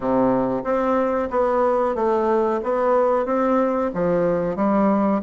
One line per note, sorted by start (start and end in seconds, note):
0.00 0.62 C3
0.63 1.29 C4
1.30 1.95 B3
1.95 2.60 A3
2.63 3.25 B3
3.25 3.90 C4
3.93 4.55 F3
4.55 5.21 G3